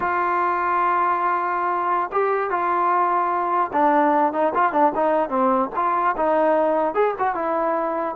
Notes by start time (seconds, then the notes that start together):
0.00 F4
2.12 G4
2.50 F4
3.72 D4
4.33 D#4
4.54 F4
4.72 D4
4.95 D#4
5.29 C4
5.75 F4
6.16 D#4
6.94 G#4
7.18 F#4
7.35 E4